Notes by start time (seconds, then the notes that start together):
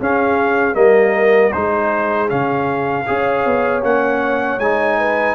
0.00 C#4 G#4 F5
0.74 G3 A#3 A#4 D#5
1.52 G#3 D#4 G#4 C5
2.28 C#3 C#4 F5
3.06 C#4 G#4 C#5
3.45 B3
3.83 A#3 C#4 F#5
4.58 G#3 D#4 G#5
4.99 B4